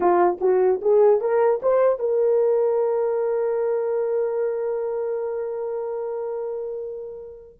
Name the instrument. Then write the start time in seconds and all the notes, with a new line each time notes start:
horn
0.00 F4
0.41 F#4
0.81 G#4
1.21 A#4
1.62 C5
1.99 A#4